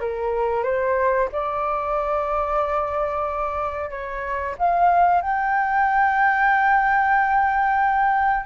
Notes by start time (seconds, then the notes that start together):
0.00 A#4
0.63 C5
1.32 D5
3.90 C#5
4.58 F5
5.21 G5